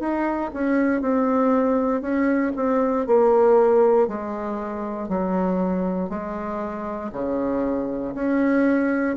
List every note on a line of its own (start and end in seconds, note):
0.00 0.51 D#4
0.54 1.02 C#4
1.02 2.02 C4
2.02 2.53 C#4
2.56 3.07 C4
3.07 4.08 A#3
4.08 5.09 G#3
5.09 6.10 F#3
6.10 7.11 G#3
7.13 8.14 C#3
8.15 9.17 C#4